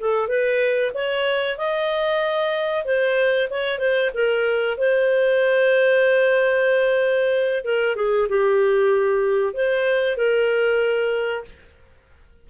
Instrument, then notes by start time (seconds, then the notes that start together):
clarinet
0.00 A4
0.28 B4
0.94 C#5
1.58 D#5
2.85 C5
3.50 C#5
3.79 C5
4.14 A#4
4.78 C5
7.65 A#4
7.96 G#4
8.29 G4
9.54 C5
10.17 A#4